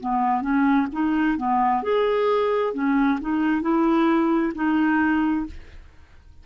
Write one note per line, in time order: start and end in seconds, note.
0.00 0.41 B3
0.41 0.87 C#4
0.92 1.37 D#4
1.37 1.83 B3
1.83 2.74 G#4
2.74 3.19 C#4
3.21 3.62 D#4
3.62 4.52 E4
4.55 5.46 D#4